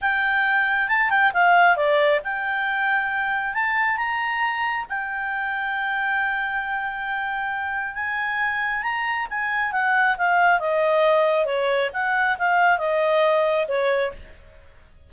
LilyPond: \new Staff \with { instrumentName = "clarinet" } { \time 4/4 \tempo 4 = 136 g''2 a''8 g''8 f''4 | d''4 g''2. | a''4 ais''2 g''4~ | g''1~ |
g''2 gis''2 | ais''4 gis''4 fis''4 f''4 | dis''2 cis''4 fis''4 | f''4 dis''2 cis''4 | }